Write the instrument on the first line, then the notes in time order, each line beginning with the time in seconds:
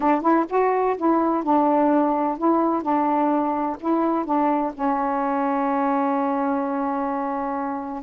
saxophone
0.00 D4
0.21 E4
0.49 F#4
0.97 E4
1.43 D4
2.38 E4
2.82 D4
3.80 E4
4.25 D4
4.74 C#4